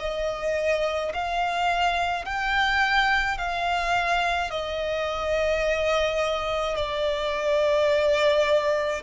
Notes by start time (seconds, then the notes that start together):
0.00 D#5
1.14 F5
2.25 G5
3.38 F5
4.51 D#5
6.77 D5